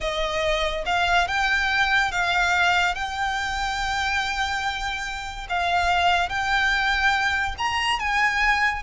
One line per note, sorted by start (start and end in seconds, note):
0.00 0.84 D#5
0.85 1.27 F5
1.27 2.11 G5
2.11 2.95 F5
2.95 5.46 G5
5.49 6.29 F5
6.29 7.55 G5
7.58 7.99 A#5
7.99 8.82 G#5